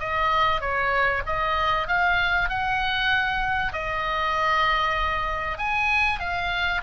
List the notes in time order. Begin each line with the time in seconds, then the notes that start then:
0.00 D#5
0.61 C#5
1.26 D#5
1.88 F5
2.49 F#5
3.73 D#5
5.58 G#5
6.20 F5